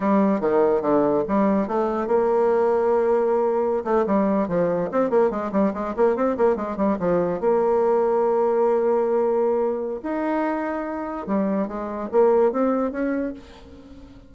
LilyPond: \new Staff \with { instrumentName = "bassoon" } { \time 4/4 \tempo 4 = 144 g4 dis4 d4 g4 | a4 ais2.~ | ais4~ ais16 a8 g4 f4 c'16~ | c'16 ais8 gis8 g8 gis8 ais8 c'8 ais8 gis16~ |
gis16 g8 f4 ais2~ ais16~ | ais1 | dis'2. g4 | gis4 ais4 c'4 cis'4 | }